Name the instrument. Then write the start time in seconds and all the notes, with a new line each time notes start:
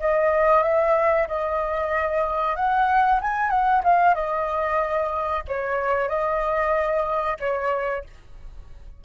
flute
0.00 D#5
0.63 E5
1.28 D#5
2.56 F#5
3.22 G#5
3.50 F#5
3.84 F5
4.15 D#5
5.48 C#5
6.09 D#5
7.40 C#5